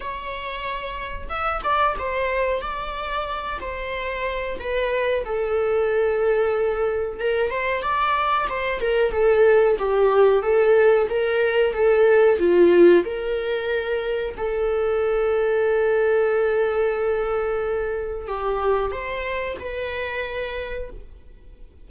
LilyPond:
\new Staff \with { instrumentName = "viola" } { \time 4/4 \tempo 4 = 92 cis''2 e''8 d''8 c''4 | d''4. c''4. b'4 | a'2. ais'8 c''8 | d''4 c''8 ais'8 a'4 g'4 |
a'4 ais'4 a'4 f'4 | ais'2 a'2~ | a'1 | g'4 c''4 b'2 | }